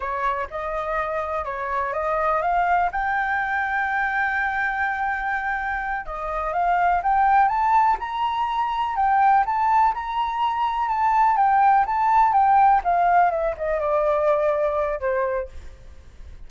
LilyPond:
\new Staff \with { instrumentName = "flute" } { \time 4/4 \tempo 4 = 124 cis''4 dis''2 cis''4 | dis''4 f''4 g''2~ | g''1~ | g''8 dis''4 f''4 g''4 a''8~ |
a''8 ais''2 g''4 a''8~ | a''8 ais''2 a''4 g''8~ | g''8 a''4 g''4 f''4 e''8 | dis''8 d''2~ d''8 c''4 | }